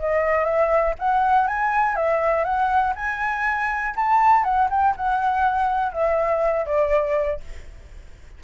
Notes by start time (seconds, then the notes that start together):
0.00 D#5
0.45 E5
1.00 F#5
1.48 G#5
1.96 E5
2.45 F#5
2.96 G#5
3.96 A5
4.44 F#5
4.71 G5
4.97 F#5
5.93 E5
6.66 D5